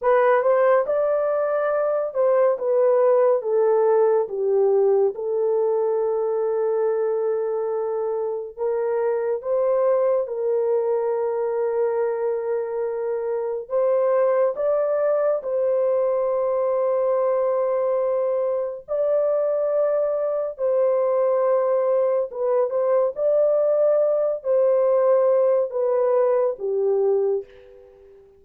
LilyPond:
\new Staff \with { instrumentName = "horn" } { \time 4/4 \tempo 4 = 70 b'8 c''8 d''4. c''8 b'4 | a'4 g'4 a'2~ | a'2 ais'4 c''4 | ais'1 |
c''4 d''4 c''2~ | c''2 d''2 | c''2 b'8 c''8 d''4~ | d''8 c''4. b'4 g'4 | }